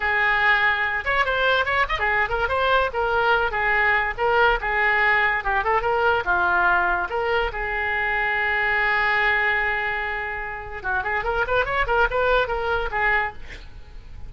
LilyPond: \new Staff \with { instrumentName = "oboe" } { \time 4/4 \tempo 4 = 144 gis'2~ gis'8 cis''8 c''4 | cis''8 dis''16 gis'8. ais'8 c''4 ais'4~ | ais'8 gis'4. ais'4 gis'4~ | gis'4 g'8 a'8 ais'4 f'4~ |
f'4 ais'4 gis'2~ | gis'1~ | gis'2 fis'8 gis'8 ais'8 b'8 | cis''8 ais'8 b'4 ais'4 gis'4 | }